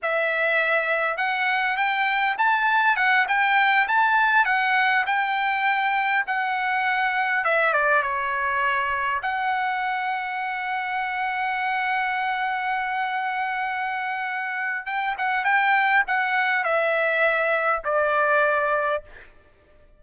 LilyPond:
\new Staff \with { instrumentName = "trumpet" } { \time 4/4 \tempo 4 = 101 e''2 fis''4 g''4 | a''4 fis''8 g''4 a''4 fis''8~ | fis''8 g''2 fis''4.~ | fis''8 e''8 d''8 cis''2 fis''8~ |
fis''1~ | fis''1~ | fis''4 g''8 fis''8 g''4 fis''4 | e''2 d''2 | }